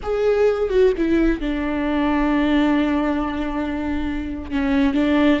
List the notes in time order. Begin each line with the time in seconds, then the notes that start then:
0.02 G#4
0.69 F#4
0.97 E4
1.40 D4
4.50 C#4
4.94 D4